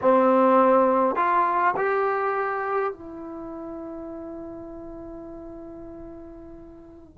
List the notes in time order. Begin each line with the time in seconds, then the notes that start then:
0.01 C4
1.15 F4
1.76 G4
2.93 E4